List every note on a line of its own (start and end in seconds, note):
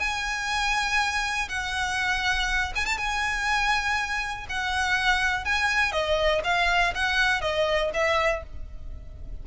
0.00 1.49 G#5
1.49 2.73 F#5
2.76 2.86 G#5
2.86 2.98 A5
2.98 4.47 G#5
4.49 5.45 F#5
5.45 5.92 G#5
5.92 6.42 D#5
6.44 6.94 F5
6.95 7.42 F#5
7.42 7.91 D#5
7.94 8.44 E5